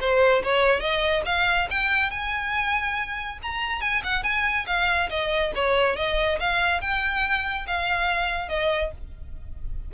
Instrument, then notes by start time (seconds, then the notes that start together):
violin
0.00 C5
0.43 C#5
0.80 D#5
1.26 F5
1.70 G5
2.11 G#5
3.43 A#5
3.81 G#5
4.04 F#5
4.23 G#5
4.67 F5
5.10 D#5
5.55 C#5
5.96 D#5
6.40 F5
6.81 G5
7.67 F5
8.49 D#5